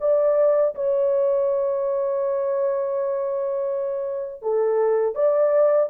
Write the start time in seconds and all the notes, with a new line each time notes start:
0.00 D5
0.74 C#5
4.42 A4
5.15 D5